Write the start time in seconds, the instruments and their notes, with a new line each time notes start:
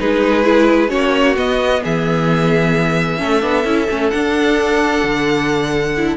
0.00 cello G#3, viola D#4, violin G#4 B4
0.44 viola E4
0.89 cello A#3, viola C#4, violin F#4 C#5
1.36 cello B3, viola B3, violin D#5
1.84 cello E3, violin G#4 E5
3.18 cello A3, viola C#4, violin A4
3.42 cello B3, viola D4
3.65 cello C#4, viola E4
3.90 cello A3, viola C#4
4.10 viola D4, cello D4, violin F#5
5.04 cello D3
5.97 viola E4